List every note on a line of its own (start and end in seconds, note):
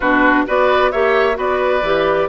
0.00 0.46 B2
0.00 0.46 D4
0.00 0.45 F#4
0.00 0.45 B4
0.46 0.93 B3
0.46 0.92 F#4
0.46 0.91 B4
0.46 0.91 D5
0.91 1.37 A#3
0.91 1.34 G4
0.91 1.37 C#5
0.91 1.37 E5
1.34 1.82 B3
1.34 1.79 F#4
1.34 2.29 B4
1.34 2.29 D5
1.82 2.28 E3
1.82 2.29 G4